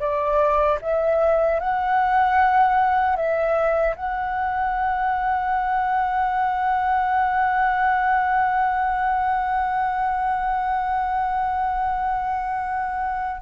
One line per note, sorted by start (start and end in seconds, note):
0.00 0.79 D5
0.81 1.60 E5
1.60 3.16 F#5
3.16 3.95 E5
3.96 13.42 F#5